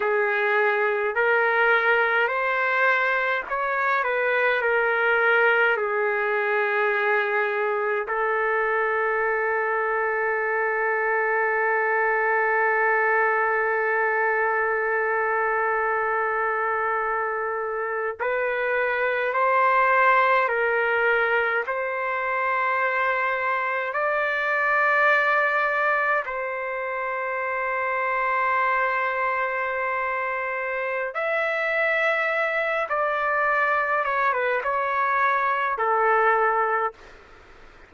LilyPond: \new Staff \with { instrumentName = "trumpet" } { \time 4/4 \tempo 4 = 52 gis'4 ais'4 c''4 cis''8 b'8 | ais'4 gis'2 a'4~ | a'1~ | a'2.~ a'8. b'16~ |
b'8. c''4 ais'4 c''4~ c''16~ | c''8. d''2 c''4~ c''16~ | c''2. e''4~ | e''8 d''4 cis''16 b'16 cis''4 a'4 | }